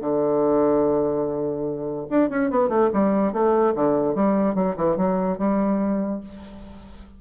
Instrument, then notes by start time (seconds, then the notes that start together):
bassoon
0.00 D3
2.10 D4
2.29 C#4
2.50 B3
2.69 A3
2.93 G3
3.32 A3
3.75 D3
4.14 G3
4.54 F#3
4.76 E3
4.97 F#3
5.38 G3